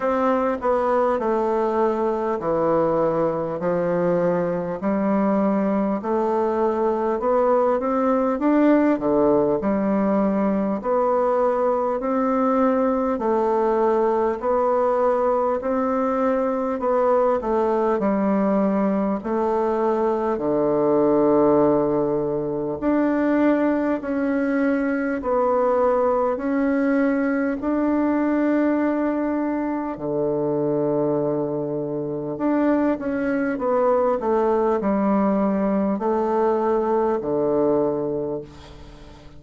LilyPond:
\new Staff \with { instrumentName = "bassoon" } { \time 4/4 \tempo 4 = 50 c'8 b8 a4 e4 f4 | g4 a4 b8 c'8 d'8 d8 | g4 b4 c'4 a4 | b4 c'4 b8 a8 g4 |
a4 d2 d'4 | cis'4 b4 cis'4 d'4~ | d'4 d2 d'8 cis'8 | b8 a8 g4 a4 d4 | }